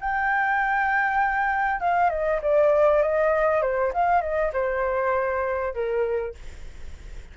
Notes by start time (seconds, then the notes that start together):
0.00 G5
1.80 F5
2.10 D#5
2.42 D5
3.02 D#5
3.62 C5
3.93 F5
4.21 D#5
4.53 C5
5.74 A#4